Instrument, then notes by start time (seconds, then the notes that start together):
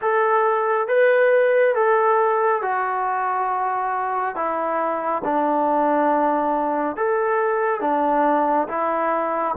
trombone
0.01 A4
0.87 B4
1.74 A4
2.62 F#4
4.35 E4
5.24 D4
6.96 A4
7.80 D4
8.68 E4